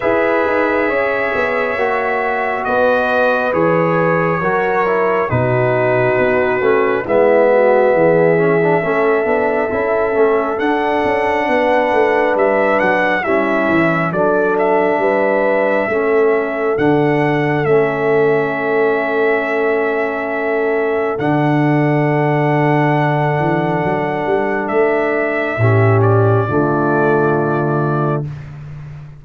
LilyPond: <<
  \new Staff \with { instrumentName = "trumpet" } { \time 4/4 \tempo 4 = 68 e''2. dis''4 | cis''2 b'2 | e''1 | fis''2 e''8 fis''8 e''4 |
d''8 e''2~ e''8 fis''4 | e''1 | fis''1 | e''4. d''2~ d''8 | }
  \new Staff \with { instrumentName = "horn" } { \time 4/4 b'4 cis''2 b'4~ | b'4 ais'4 fis'2 | e'8 fis'8 gis'4 a'2~ | a'4 b'2 e'4 |
a'4 b'4 a'2~ | a'1~ | a'1~ | a'4 g'4 f'2 | }
  \new Staff \with { instrumentName = "trombone" } { \time 4/4 gis'2 fis'2 | gis'4 fis'8 e'8 dis'4. cis'8 | b4. cis'16 d'16 cis'8 d'8 e'8 cis'8 | d'2. cis'4 |
d'2 cis'4 d'4 | cis'1 | d'1~ | d'4 cis'4 a2 | }
  \new Staff \with { instrumentName = "tuba" } { \time 4/4 e'8 dis'8 cis'8 b8 ais4 b4 | e4 fis4 b,4 b8 a8 | gis4 e4 a8 b8 cis'8 a8 | d'8 cis'8 b8 a8 g8 fis8 g8 e8 |
fis4 g4 a4 d4 | a1 | d2~ d8 e8 fis8 g8 | a4 a,4 d2 | }
>>